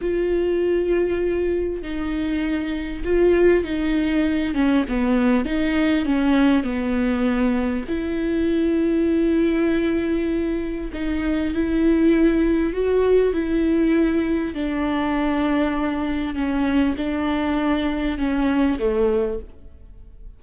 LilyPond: \new Staff \with { instrumentName = "viola" } { \time 4/4 \tempo 4 = 99 f'2. dis'4~ | dis'4 f'4 dis'4. cis'8 | b4 dis'4 cis'4 b4~ | b4 e'2.~ |
e'2 dis'4 e'4~ | e'4 fis'4 e'2 | d'2. cis'4 | d'2 cis'4 a4 | }